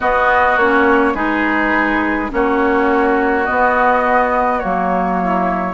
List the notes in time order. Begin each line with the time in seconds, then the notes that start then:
0.00 B3 F#4 D#5
0.56 A#3 C#4 C#5
1.14 G#3 D#4 G#4 B4
2.29 A#3 C#4 F#4 C#5
3.45 B3 D#5
4.59 F#3 A#3 C#5
5.23 E4